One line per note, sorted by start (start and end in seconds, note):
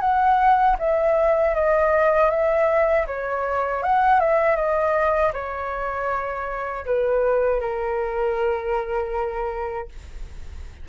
0.00 0.76 F#5
0.79 1.55 E5
1.55 2.30 D#5
2.30 3.06 E5
3.07 3.83 C#5
3.83 4.20 F#5
4.20 4.56 E5
4.56 5.32 D#5
5.33 6.85 C#5
6.85 7.60 B4
7.60 9.88 A#4